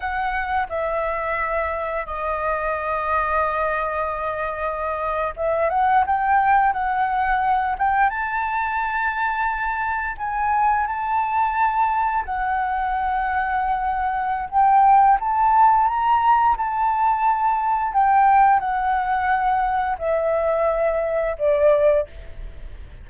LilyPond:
\new Staff \with { instrumentName = "flute" } { \time 4/4 \tempo 4 = 87 fis''4 e''2 dis''4~ | dis''2.~ dis''8. e''16~ | e''16 fis''8 g''4 fis''4. g''8 a''16~ | a''2~ a''8. gis''4 a''16~ |
a''4.~ a''16 fis''2~ fis''16~ | fis''4 g''4 a''4 ais''4 | a''2 g''4 fis''4~ | fis''4 e''2 d''4 | }